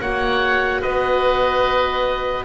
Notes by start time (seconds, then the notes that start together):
0.00 A#3 F#4 C#5 F#5
0.81 B3 B4 D#5